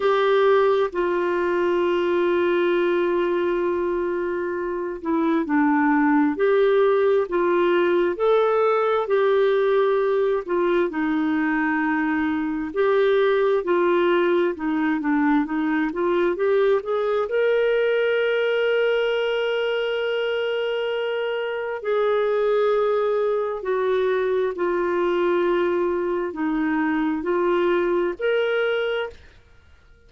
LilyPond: \new Staff \with { instrumentName = "clarinet" } { \time 4/4 \tempo 4 = 66 g'4 f'2.~ | f'4. e'8 d'4 g'4 | f'4 a'4 g'4. f'8 | dis'2 g'4 f'4 |
dis'8 d'8 dis'8 f'8 g'8 gis'8 ais'4~ | ais'1 | gis'2 fis'4 f'4~ | f'4 dis'4 f'4 ais'4 | }